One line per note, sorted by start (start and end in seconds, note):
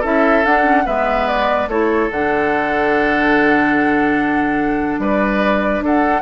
0.00 0.45 C#4
0.00 0.44 E4
0.00 0.83 A4
0.00 0.45 E5
0.45 0.86 D4
0.45 0.63 D4
0.45 0.86 F#5
0.63 0.84 C#4
0.86 1.67 G#3
0.86 1.69 B3
0.86 1.68 B4
0.86 1.27 E5
1.27 1.69 D5
1.67 2.09 A3
1.67 2.11 E4
1.67 5.01 A4
1.67 2.11 C#5
2.11 4.98 D3
2.11 6.21 D4
2.11 5.00 F#5
4.98 5.80 G3
4.98 5.84 B4
4.98 5.83 D5
5.80 6.21 D4
5.80 6.21 A4
5.80 6.21 F#5